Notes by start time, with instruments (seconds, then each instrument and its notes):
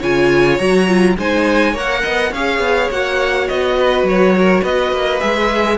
0.00 cello C#3, viola F4, violin C#5 G#5
0.58 cello F#3, viola F#4, violin A#5
0.87 viola F4
1.17 cello G#3, viola D#4, violin C5 G#5
1.72 cello A#3, viola A#4, violin C#5 F#5
2.03 cello B3, violin D#5
2.31 cello C#4, viola G#4, violin C#5 F5
2.59 cello B3
2.91 cello A#3, viola F#4, violin F#5
3.48 cello B3, violin D#5
3.78 violin B4
4.03 cello F#3, violin C#5
4.38 violin A#4
4.61 cello B3, violin B4 D#5
4.92 cello A#3
5.19 cello G#3, viola G#4, violin E5